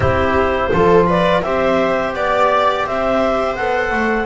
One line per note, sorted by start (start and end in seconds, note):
0.00 0.70 C4
0.00 0.71 E4
0.00 0.71 G4
0.00 1.06 C5
0.71 1.43 F3
0.71 1.43 F4
0.71 1.07 A4
1.07 1.42 B4
1.07 1.42 D5
1.42 2.14 C4
1.42 3.57 G4
1.42 2.15 C5
1.42 2.13 E5
2.14 2.85 B3
2.14 2.86 D5
2.86 3.57 C4
2.86 4.26 C5
2.86 3.55 E5
3.55 3.91 B3
3.55 4.26 A4
3.55 4.26 F#5
3.91 4.26 A3